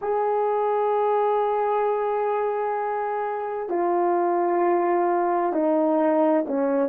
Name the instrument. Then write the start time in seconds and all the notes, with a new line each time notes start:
horn
0.01 G#4
3.69 F4
5.52 D#4
6.47 C#4